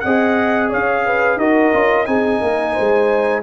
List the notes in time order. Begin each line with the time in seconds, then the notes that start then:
0.00 C4 G#4 D#5 F#5
0.70 C#4 C#5 F5
1.05 B4
1.36 D#4 F#4 A#4 D#5
1.73 C#4 F4
2.06 C4 D#4 G#4 G#5
2.40 A#3 A#4
2.73 G#3 C5